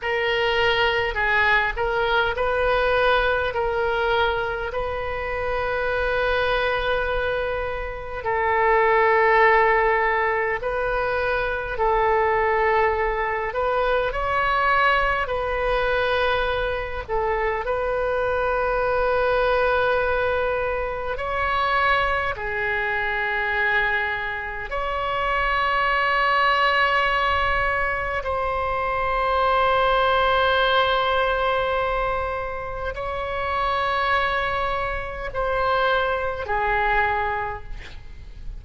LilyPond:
\new Staff \with { instrumentName = "oboe" } { \time 4/4 \tempo 4 = 51 ais'4 gis'8 ais'8 b'4 ais'4 | b'2. a'4~ | a'4 b'4 a'4. b'8 | cis''4 b'4. a'8 b'4~ |
b'2 cis''4 gis'4~ | gis'4 cis''2. | c''1 | cis''2 c''4 gis'4 | }